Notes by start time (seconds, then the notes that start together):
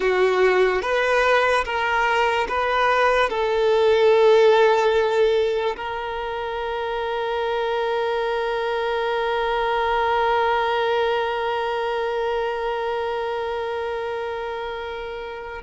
0.00 F#4
0.82 B4
1.64 A#4
2.48 B4
3.29 A4
5.76 A#4